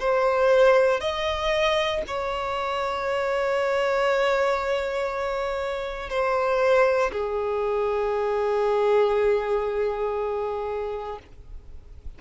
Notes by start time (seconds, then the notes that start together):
0.00 C5
1.01 D#5
2.08 C#5
6.10 C5
7.12 G#4